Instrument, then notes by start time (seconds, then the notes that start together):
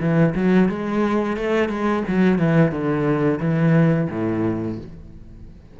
cello
0.00 E3
0.35 F#3
0.69 G#3
1.37 A3
1.69 G#3
2.08 F#3
2.39 E3
2.71 D3
3.40 E3
4.10 A2